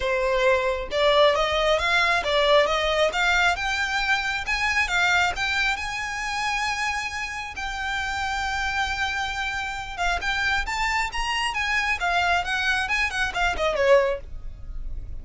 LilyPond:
\new Staff \with { instrumentName = "violin" } { \time 4/4 \tempo 4 = 135 c''2 d''4 dis''4 | f''4 d''4 dis''4 f''4 | g''2 gis''4 f''4 | g''4 gis''2.~ |
gis''4 g''2.~ | g''2~ g''8 f''8 g''4 | a''4 ais''4 gis''4 f''4 | fis''4 gis''8 fis''8 f''8 dis''8 cis''4 | }